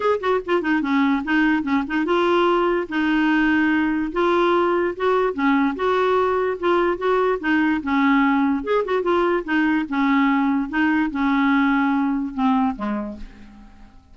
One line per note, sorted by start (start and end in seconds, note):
0.00 0.19 G#4
0.20 0.40 F#4
0.46 0.61 F4
0.61 0.81 D#4
0.81 1.22 C#4
1.24 1.63 D#4
1.63 1.83 C#4
1.87 2.05 D#4
2.05 2.87 F4
2.88 4.12 D#4
4.12 4.94 F4
4.96 5.33 F#4
5.33 5.74 C#4
5.75 6.57 F#4
6.59 6.97 F4
6.97 7.38 F#4
7.40 7.81 D#4
7.83 8.63 C#4
8.63 8.84 G#4
8.84 9.02 F#4
9.02 9.43 F4
9.44 9.85 D#4
9.89 10.69 C#4
10.69 11.10 D#4
11.11 12.34 C#4
12.34 12.75 C4
12.75 13.16 G#3